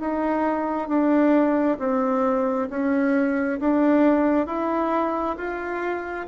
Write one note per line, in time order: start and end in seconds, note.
0.00 0.88 D#4
0.88 1.78 D4
1.79 2.69 C4
2.70 3.59 C#4
3.60 4.47 D4
4.47 5.36 E4
5.37 6.27 F4